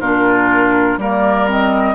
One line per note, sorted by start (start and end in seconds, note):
0.00 0.97 A#2
0.00 1.00 D4
0.00 0.99 F4
0.00 0.99 A#4
0.97 1.95 G3
0.97 1.48 A#3
0.97 1.95 A#4
0.97 1.49 D5
1.48 1.95 C4
1.48 1.95 D#5